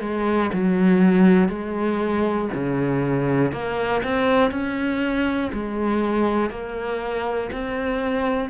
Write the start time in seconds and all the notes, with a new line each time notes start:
0.00 G#3
0.53 F#3
1.49 G#3
2.54 C#3
3.52 A#3
4.03 C4
4.51 C#4
5.53 G#3
6.50 A#3
7.52 C4